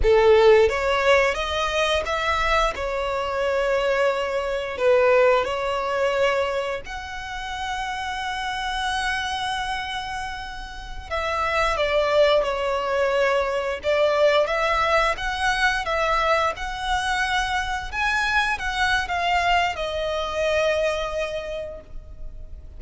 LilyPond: \new Staff \with { instrumentName = "violin" } { \time 4/4 \tempo 4 = 88 a'4 cis''4 dis''4 e''4 | cis''2. b'4 | cis''2 fis''2~ | fis''1~ |
fis''16 e''4 d''4 cis''4.~ cis''16~ | cis''16 d''4 e''4 fis''4 e''8.~ | e''16 fis''2 gis''4 fis''8. | f''4 dis''2. | }